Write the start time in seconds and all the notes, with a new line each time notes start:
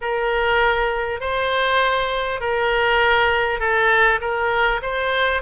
0.01 A#4
1.20 C5
2.40 A#4
3.59 A4
4.20 A#4
4.82 C5